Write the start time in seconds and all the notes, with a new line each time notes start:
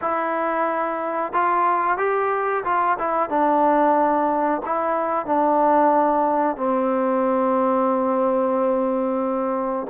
0.01 E4
1.32 F4
1.98 G4
2.64 F4
2.98 E4
3.29 D4
4.65 E4
5.25 D4
6.57 C4